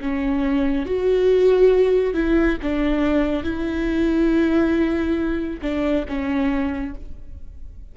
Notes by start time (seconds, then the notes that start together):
0.00 C#4
0.85 F#4
2.13 E4
2.62 D4
3.43 E4
5.62 D4
6.08 C#4